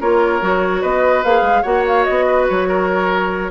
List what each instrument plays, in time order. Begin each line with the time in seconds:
0.00 bassoon A#3, clarinet F4, oboe A#4, flute C#5
0.41 bassoon F#3, clarinet F#4
0.81 bassoon B3, oboe B4, flute D#5
1.24 bassoon A#3, clarinet G#4, flute F5
1.42 bassoon G#3
1.62 bassoon A#3, clarinet F#4, oboe C#5, flute F#5
1.87 flute F5
2.04 bassoon B3, flute D#5
2.27 oboe B4
2.49 bassoon F#3, flute C#5
2.68 oboe A#4